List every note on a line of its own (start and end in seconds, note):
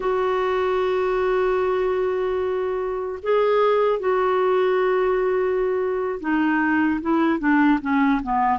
0.00 3.19 F#4
3.22 3.99 G#4
3.99 6.19 F#4
6.20 7.00 D#4
7.01 7.39 E4
7.39 7.79 D4
7.81 8.21 C#4
8.23 8.59 B3